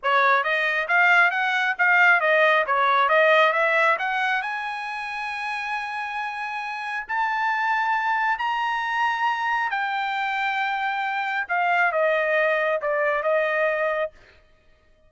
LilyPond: \new Staff \with { instrumentName = "trumpet" } { \time 4/4 \tempo 4 = 136 cis''4 dis''4 f''4 fis''4 | f''4 dis''4 cis''4 dis''4 | e''4 fis''4 gis''2~ | gis''1 |
a''2. ais''4~ | ais''2 g''2~ | g''2 f''4 dis''4~ | dis''4 d''4 dis''2 | }